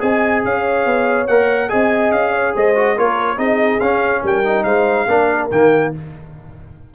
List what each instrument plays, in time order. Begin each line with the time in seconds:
0.00 tuba C4, trombone G#4, horn D#5, trumpet G#5
0.45 tuba C#4, horn C#5, trumpet F5
0.86 tuba B3
1.28 tuba A#3, trombone A#4, trumpet F#5
1.69 tuba C4, trombone G#4, horn D#5, trumpet G#5
2.12 tuba C#4, trumpet F5
2.33 horn C#5
2.55 tuba G#3, horn C5, trumpet D#5
2.76 trombone F#4
2.97 tuba A#3, trombone F4, horn A#4, trumpet C#5
3.37 tuba C4, trombone D#4, horn G#4, trumpet D#5
3.80 tuba C#4, trombone C#4, trumpet F5
4.23 tuba G3, horn A#4, trumpet G5
4.45 trombone D#4
4.64 tuba G#3, horn C5, trumpet F5
5.08 tuba A#3, trombone D4, horn A#4
5.51 tuba D#3, trombone A#3, trumpet G5